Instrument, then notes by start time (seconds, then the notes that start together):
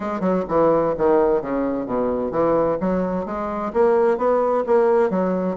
bassoon
0.00 G#3
0.20 F#3
0.48 E3
0.97 D#3
1.41 C#3
1.86 B2
2.31 E3
2.80 F#3
3.25 G#3
3.73 A#3
4.17 B3
4.66 A#3
5.10 F#3